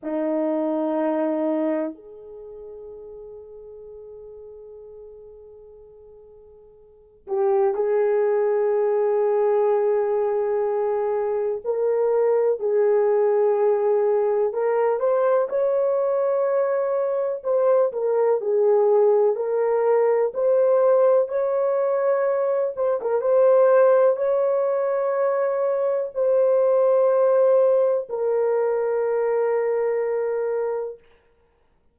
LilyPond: \new Staff \with { instrumentName = "horn" } { \time 4/4 \tempo 4 = 62 dis'2 gis'2~ | gis'2.~ gis'8 g'8 | gis'1 | ais'4 gis'2 ais'8 c''8 |
cis''2 c''8 ais'8 gis'4 | ais'4 c''4 cis''4. c''16 ais'16 | c''4 cis''2 c''4~ | c''4 ais'2. | }